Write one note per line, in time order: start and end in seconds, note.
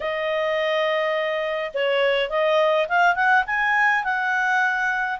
0.00 1.71 D#5
1.74 2.29 C#5
2.29 2.87 D#5
2.88 3.15 F5
3.15 3.44 F#5
3.46 4.04 G#5
4.04 5.19 F#5